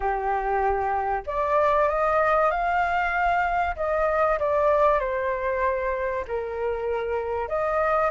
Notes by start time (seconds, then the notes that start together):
0.00 G4
1.26 D5
1.88 D#5
2.50 F5
3.76 D#5
4.39 D5
4.99 C5
6.27 A#4
7.48 D#5